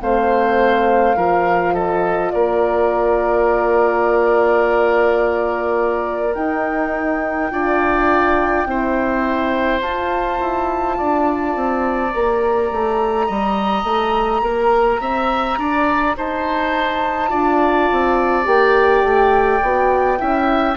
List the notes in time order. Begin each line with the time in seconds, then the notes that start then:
0.00 A3 C4 C5 F5
1.15 F3 F4 A#4
1.74 A4 D#5
2.31 A#3 A#4 D5
6.34 D#4 G5
7.50 D4 F4 D5
8.65 C4 E4 C5
9.81 F4 A5
10.40 E4
10.97 D4 D5
11.55 C4
12.12 A#3 G4 A#5
12.71 A3
13.25 G3 D#5
13.83 A3
14.41 A#3 A#4
15.00 C4 E5
15.57 D4 D5
16.16 D#4 C5 A5
17.28 D4 F4 D5
17.91 C4
18.44 A#3 G4 G5
19.03 A3
19.62 B3 F#4
20.18 C#4 E4 E5